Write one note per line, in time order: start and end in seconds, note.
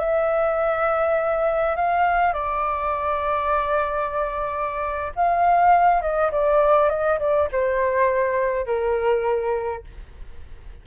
0.00 1.76 E5
1.76 2.34 F5
2.34 5.13 D5
5.16 6.02 F5
6.02 6.31 D#5
6.32 6.90 D5
6.90 7.19 D#5
7.20 7.49 D5
7.53 8.66 C5
8.66 9.84 A#4